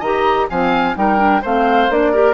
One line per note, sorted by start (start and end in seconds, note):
0.00 0.48 D#3
0.00 0.51 G4
0.00 0.47 D#5
0.00 0.48 A#5
0.50 0.97 F3
0.50 0.96 C4
0.50 0.97 F5
0.50 0.97 G#5
0.96 1.43 G3
0.96 1.18 D#4
0.96 1.42 A#4
0.96 1.44 G5
1.18 1.41 D4
1.42 1.90 A3
1.42 1.91 C4
1.42 2.12 C5
1.42 1.92 F5
1.90 2.34 A#3
1.90 2.14 D4
1.90 2.34 D5
2.12 2.34 G4
2.12 2.34 A#4